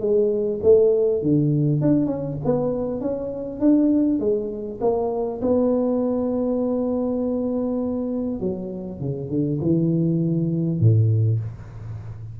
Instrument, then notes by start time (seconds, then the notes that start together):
tuba
0.00 G#3
0.62 A3
1.22 D3
1.81 D4
2.06 C#4
2.45 B3
3.01 C#4
3.60 D4
4.19 G#3
4.81 A#3
5.42 B3
8.40 F#3
9.00 C#3
9.29 D3
9.61 E3
10.80 A2